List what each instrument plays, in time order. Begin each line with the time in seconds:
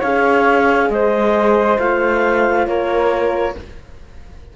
0.00 cello C#4, horn G#4, flute C#5, clarinet F5
0.90 cello G#3, flute C5, clarinet D#5
1.79 cello A3, horn F4, clarinet F5
2.67 cello A#3, flute A#4, clarinet C#5